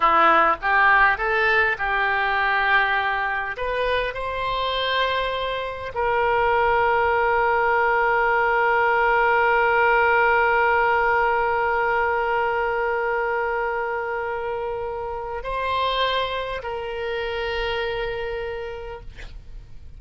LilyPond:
\new Staff \with { instrumentName = "oboe" } { \time 4/4 \tempo 4 = 101 e'4 g'4 a'4 g'4~ | g'2 b'4 c''4~ | c''2 ais'2~ | ais'1~ |
ais'1~ | ais'1~ | ais'2 c''2 | ais'1 | }